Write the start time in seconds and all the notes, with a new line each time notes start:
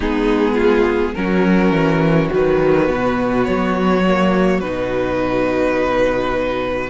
0.00 G#3 B3 D#4 G#4
0.54 F4
1.14 F#3 C#4 F#4 A#4
1.70 E3
2.30 D#3 F#3 B4
2.87 B2 B3
3.44 F#3 C#5
4.06 A#3
4.60 B2 D#4 B4